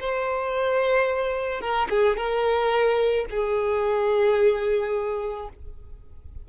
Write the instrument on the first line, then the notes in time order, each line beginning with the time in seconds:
violin
0.00 C5
1.61 A#4
1.90 G#4
2.17 A#4
3.31 G#4